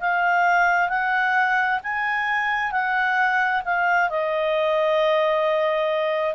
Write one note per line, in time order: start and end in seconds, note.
0.00 0.89 F5
0.89 1.80 F#5
1.83 2.71 G#5
2.71 3.62 F#5
3.65 4.10 F5
4.10 6.35 D#5